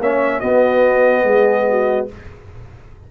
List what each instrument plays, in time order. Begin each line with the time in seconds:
0.00 tuba A#3, trombone C#4, horn C#5, trumpet E5
0.40 trombone B3, tuba B3, horn F#4, trumpet D#5
1.24 tuba G#3, horn G#4
1.70 horn F#4